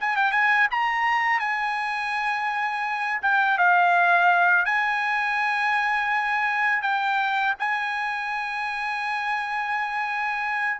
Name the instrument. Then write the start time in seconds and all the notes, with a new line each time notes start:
trumpet
0.00 G#5
0.17 G5
0.32 G#5
0.71 A#5
1.40 G#5
3.22 G5
3.58 F5
4.65 G#5
6.82 G5
7.59 G#5